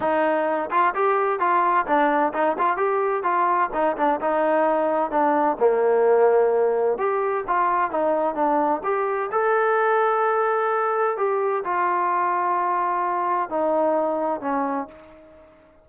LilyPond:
\new Staff \with { instrumentName = "trombone" } { \time 4/4 \tempo 4 = 129 dis'4. f'8 g'4 f'4 | d'4 dis'8 f'8 g'4 f'4 | dis'8 d'8 dis'2 d'4 | ais2. g'4 |
f'4 dis'4 d'4 g'4 | a'1 | g'4 f'2.~ | f'4 dis'2 cis'4 | }